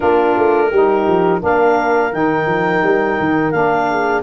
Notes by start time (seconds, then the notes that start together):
0.00 A#3 D4 F4 A#4
0.37 A3
0.70 G3 D#4 G4
1.07 F3
1.40 A#3 D4 A#4 F5
2.11 D#3 D#4 G5
2.46 F3
2.83 G3
3.19 D#3
3.51 A#3 D4 F5
3.89 G#4